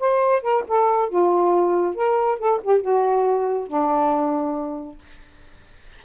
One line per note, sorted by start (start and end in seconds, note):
0.00 0.42 C5
0.42 0.64 A#4
0.68 1.09 A4
1.09 1.95 F4
1.95 2.39 A#4
2.39 2.61 A4
2.63 2.81 G4
2.81 3.68 F#4
3.68 4.99 D4